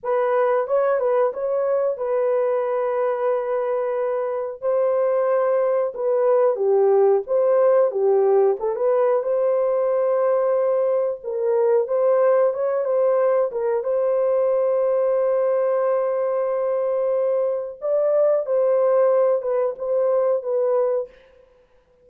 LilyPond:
\new Staff \with { instrumentName = "horn" } { \time 4/4 \tempo 4 = 91 b'4 cis''8 b'8 cis''4 b'4~ | b'2. c''4~ | c''4 b'4 g'4 c''4 | g'4 a'16 b'8. c''2~ |
c''4 ais'4 c''4 cis''8 c''8~ | c''8 ais'8 c''2.~ | c''2. d''4 | c''4. b'8 c''4 b'4 | }